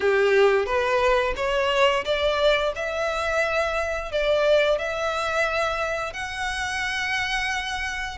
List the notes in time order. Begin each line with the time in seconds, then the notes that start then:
0.00 G4
0.65 B4
1.36 C#5
2.05 D5
2.75 E5
4.11 D5
4.78 E5
6.13 F#5